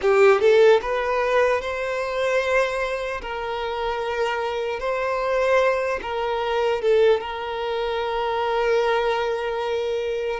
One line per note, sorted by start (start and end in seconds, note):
0.01 0.40 G4
0.40 0.80 A4
0.81 1.61 B4
1.61 3.21 C5
3.21 4.79 A#4
4.79 5.99 C5
6.02 6.81 A#4
6.81 7.20 A4
7.20 10.40 A#4